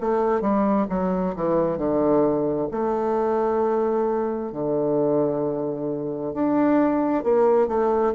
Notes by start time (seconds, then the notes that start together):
0.00 A3
0.40 G3
0.89 F#3
1.35 E3
1.77 D3
2.71 A3
4.52 D3
6.33 D4
7.23 A#3
7.67 A3